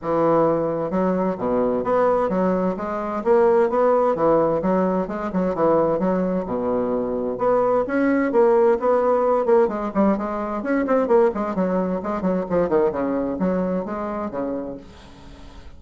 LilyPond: \new Staff \with { instrumentName = "bassoon" } { \time 4/4 \tempo 4 = 130 e2 fis4 b,4 | b4 fis4 gis4 ais4 | b4 e4 fis4 gis8 fis8 | e4 fis4 b,2 |
b4 cis'4 ais4 b4~ | b8 ais8 gis8 g8 gis4 cis'8 c'8 | ais8 gis8 fis4 gis8 fis8 f8 dis8 | cis4 fis4 gis4 cis4 | }